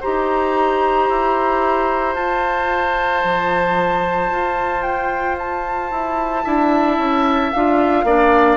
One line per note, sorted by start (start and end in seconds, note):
0.00 1.09 D#4
0.00 2.17 G4
0.00 6.43 C5
0.00 2.14 A#5
1.09 2.15 E4
2.14 3.22 F4
2.14 6.44 F4
2.14 4.82 A5
3.23 4.31 F3
4.31 5.91 F4
4.82 5.36 G5
5.38 7.52 A5
5.91 6.45 E4
6.44 6.98 D4
6.44 7.52 E4
6.44 8.05 E5
6.98 7.51 C#4
7.52 8.04 D4
7.52 8.06 F4
7.52 8.56 F5
8.04 8.56 A#3
8.04 8.56 D4
8.04 8.56 D5